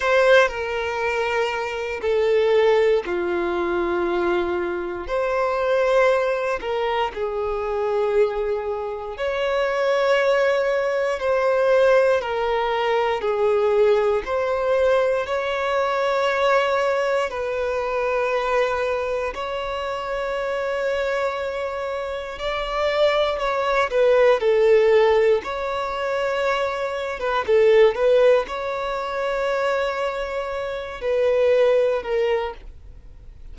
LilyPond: \new Staff \with { instrumentName = "violin" } { \time 4/4 \tempo 4 = 59 c''8 ais'4. a'4 f'4~ | f'4 c''4. ais'8 gis'4~ | gis'4 cis''2 c''4 | ais'4 gis'4 c''4 cis''4~ |
cis''4 b'2 cis''4~ | cis''2 d''4 cis''8 b'8 | a'4 cis''4.~ cis''16 b'16 a'8 b'8 | cis''2~ cis''8 b'4 ais'8 | }